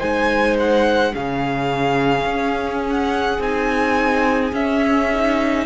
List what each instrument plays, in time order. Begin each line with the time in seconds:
0.00 cello G#3, viola D#4, violin C5 G#5
0.60 violin F#5
1.13 cello C#3, viola C#4, violin G#4 F5
2.25 cello C#4
2.90 violin F#5
3.39 cello C4, viola D#4, violin G#5
4.53 cello C#4, viola C#4, violin E5
5.15 viola D#4